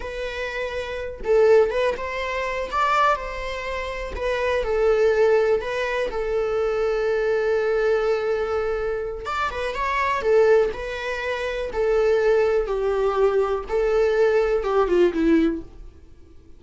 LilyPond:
\new Staff \with { instrumentName = "viola" } { \time 4/4 \tempo 4 = 123 b'2~ b'8 a'4 b'8 | c''4. d''4 c''4.~ | c''8 b'4 a'2 b'8~ | b'8 a'2.~ a'8~ |
a'2. d''8 b'8 | cis''4 a'4 b'2 | a'2 g'2 | a'2 g'8 f'8 e'4 | }